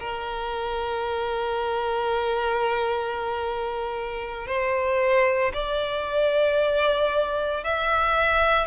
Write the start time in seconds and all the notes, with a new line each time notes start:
0.00 A#4
4.47 C5
5.54 D5
7.64 E5